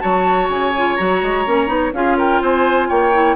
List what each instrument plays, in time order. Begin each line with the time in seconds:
0.00 bassoon F#3, clarinet F#4, oboe C#5, flute A5
0.49 bassoon C#3, flute G#5
0.78 clarinet F4
0.96 bassoon F#3, clarinet F#4, flute A#5
1.23 bassoon G#3
1.46 bassoon A#3, clarinet C#4
1.67 bassoon B3, clarinet D#4
1.93 bassoon C#4, clarinet F4, oboe G#4, flute F5
2.18 oboe A#4, flute G5
2.42 bassoon C4, oboe C5, flute G#5
2.89 bassoon A#3, oboe C#5, flute G5
3.13 clarinet E4